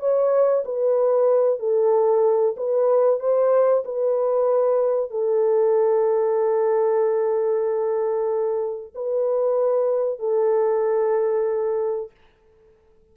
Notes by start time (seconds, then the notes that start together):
0.00 C#5
0.65 B4
1.60 A4
2.57 B4
3.20 C5
3.85 B4
5.11 A4
8.95 B4
10.20 A4